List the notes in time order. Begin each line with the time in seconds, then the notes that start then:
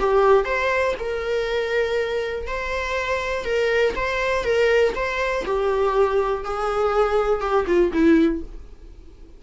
0.00 G4
0.46 C5
1.00 A#4
2.48 C5
3.45 A#4
3.96 C5
4.44 A#4
4.96 C5
5.46 G4
6.45 G#4
7.41 G4
7.67 F4
7.93 E4